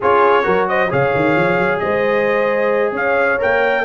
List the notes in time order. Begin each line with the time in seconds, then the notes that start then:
0.00 C#4 F4 G#4 C#5
0.43 F#3 F#4 A#4
0.68 C5 D#5
0.89 C#3 G#4 C#5 F5
1.15 D#3
1.35 F3
1.58 F#3
1.79 G#3 C5 D#5
2.92 C#4 C#5 F5
3.38 A#3 A#4 G5